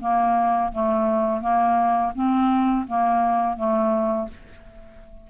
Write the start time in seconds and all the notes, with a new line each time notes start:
0.00 A#3
0.72 A3
1.41 A#3
2.15 C4
2.87 A#3
3.56 A3